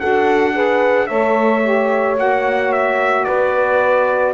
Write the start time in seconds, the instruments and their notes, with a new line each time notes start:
0.00 double bass D4, saxophone F#4, horn A4, trumpet F#5
0.53 saxophone G#4, horn B4
1.07 double bass A3, saxophone A4, horn C#5, trumpet E5
1.63 saxophone G4
2.17 double bass A#3, saxophone F#4, trumpet F#5
2.73 trumpet E5
3.25 double bass B3, horn B4, trumpet D5